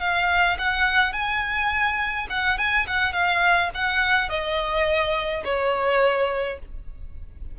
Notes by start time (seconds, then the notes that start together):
0.00 F5
0.58 F#5
1.12 G#5
2.29 F#5
2.58 G#5
2.86 F#5
3.12 F5
3.74 F#5
4.29 D#5
5.44 C#5